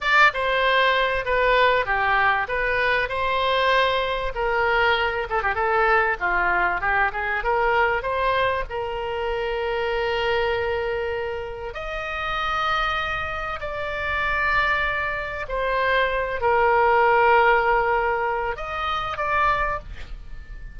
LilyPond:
\new Staff \with { instrumentName = "oboe" } { \time 4/4 \tempo 4 = 97 d''8 c''4. b'4 g'4 | b'4 c''2 ais'4~ | ais'8 a'16 g'16 a'4 f'4 g'8 gis'8 | ais'4 c''4 ais'2~ |
ais'2. dis''4~ | dis''2 d''2~ | d''4 c''4. ais'4.~ | ais'2 dis''4 d''4 | }